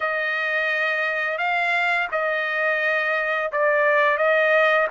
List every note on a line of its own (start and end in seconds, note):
0.00 1.38 D#5
1.38 2.07 F5
2.11 3.51 D#5
3.52 4.17 D5
4.17 4.87 D#5